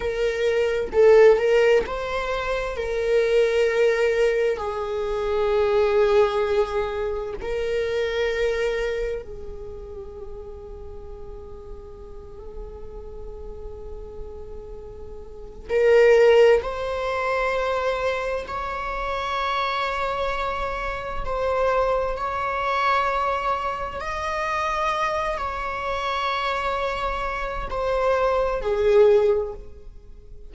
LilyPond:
\new Staff \with { instrumentName = "viola" } { \time 4/4 \tempo 4 = 65 ais'4 a'8 ais'8 c''4 ais'4~ | ais'4 gis'2. | ais'2 gis'2~ | gis'1~ |
gis'4 ais'4 c''2 | cis''2. c''4 | cis''2 dis''4. cis''8~ | cis''2 c''4 gis'4 | }